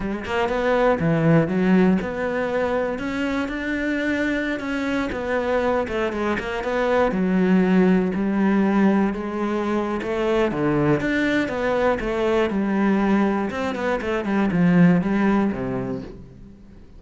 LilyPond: \new Staff \with { instrumentName = "cello" } { \time 4/4 \tempo 4 = 120 gis8 ais8 b4 e4 fis4 | b2 cis'4 d'4~ | d'4~ d'16 cis'4 b4. a16~ | a16 gis8 ais8 b4 fis4.~ fis16~ |
fis16 g2 gis4.~ gis16 | a4 d4 d'4 b4 | a4 g2 c'8 b8 | a8 g8 f4 g4 c4 | }